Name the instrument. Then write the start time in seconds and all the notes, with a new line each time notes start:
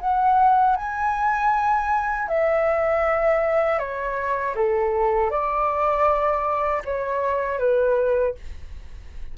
flute
0.00 F#5
0.76 G#5
2.28 E5
3.78 C#5
4.55 A4
5.30 D5
6.85 C#5
7.58 B4